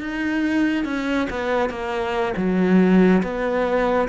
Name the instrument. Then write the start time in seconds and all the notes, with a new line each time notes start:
cello
0.00 D#4
0.85 C#4
1.30 B3
1.69 A#3
2.36 F#3
3.22 B3